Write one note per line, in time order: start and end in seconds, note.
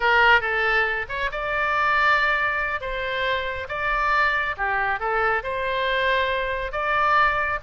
0.00 0.41 A#4
0.41 1.06 A4
1.08 1.30 C#5
1.31 2.80 D5
2.80 3.67 C5
3.68 4.55 D5
4.57 4.99 G4
4.99 5.42 A4
5.43 6.72 C5
6.72 7.59 D5